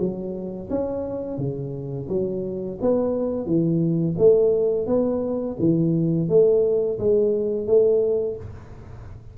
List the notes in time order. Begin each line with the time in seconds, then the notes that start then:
0.00 F#3
0.70 C#4
1.38 C#3
2.09 F#3
2.82 B3
3.46 E3
4.18 A3
4.87 B3
5.60 E3
6.29 A3
6.99 G#3
7.67 A3